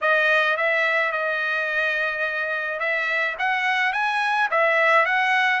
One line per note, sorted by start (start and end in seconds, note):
0.01 0.56 D#5
0.56 1.12 E5
1.12 2.79 D#5
2.79 3.35 E5
3.38 3.93 F#5
3.93 4.49 G#5
4.50 5.05 E5
5.05 5.60 F#5